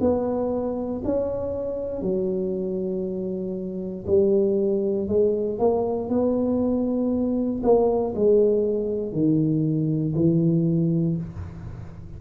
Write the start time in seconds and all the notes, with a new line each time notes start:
0.00 B3
1.04 C#4
2.02 F#3
4.07 G3
5.08 G#3
5.59 A#3
6.09 B3
7.63 A#3
8.15 G#3
9.12 D#3
10.15 E3